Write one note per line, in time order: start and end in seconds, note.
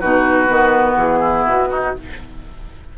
0.00 0.49 B2
0.00 0.48 D#4
0.00 1.20 F#4
0.00 0.97 B4
0.48 0.96 D#3
0.48 1.93 B3
0.96 1.45 E3
0.96 1.46 G#4
1.20 1.68 E4
1.46 1.94 B2
1.46 1.98 F#4
1.71 1.95 D#4